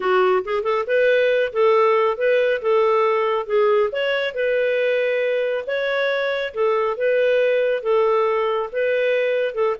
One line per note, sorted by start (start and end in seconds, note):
0.00 0.43 F#4
0.44 0.63 G#4
0.63 0.85 A4
0.87 1.52 B4
1.52 2.17 A4
2.17 2.61 B4
2.61 3.46 A4
3.46 3.90 G#4
3.92 4.34 C#5
4.34 5.64 B4
5.66 6.53 C#5
6.53 6.97 A4
6.97 7.82 B4
7.82 8.69 A4
8.72 9.54 B4
9.54 9.76 A4